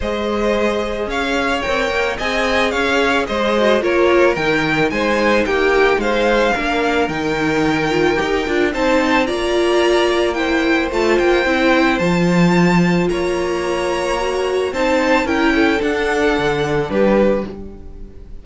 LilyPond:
<<
  \new Staff \with { instrumentName = "violin" } { \time 4/4 \tempo 4 = 110 dis''2 f''4 g''4 | gis''4 f''4 dis''4 cis''4 | g''4 gis''4 g''4 f''4~ | f''4 g''2. |
a''4 ais''2 g''4 | a''8 g''4. a''2 | ais''2. a''4 | g''4 fis''2 b'4 | }
  \new Staff \with { instrumentName = "violin" } { \time 4/4 c''2 cis''2 | dis''4 cis''4 c''4 ais'4~ | ais'4 c''4 g'4 c''4 | ais'1 |
c''4 d''2 c''4~ | c''1 | cis''2. c''4 | ais'8 a'2~ a'8 g'4 | }
  \new Staff \with { instrumentName = "viola" } { \time 4/4 gis'2. ais'4 | gis'2~ gis'8 fis'8 f'4 | dis'1 | d'4 dis'4. f'8 g'8 f'8 |
dis'4 f'2 e'4 | f'4 e'4 f'2~ | f'2 fis'4 dis'4 | e'4 d'2. | }
  \new Staff \with { instrumentName = "cello" } { \time 4/4 gis2 cis'4 c'8 ais8 | c'4 cis'4 gis4 ais4 | dis4 gis4 ais4 gis4 | ais4 dis2 dis'8 d'8 |
c'4 ais2. | a8 ais8 c'4 f2 | ais2. c'4 | cis'4 d'4 d4 g4 | }
>>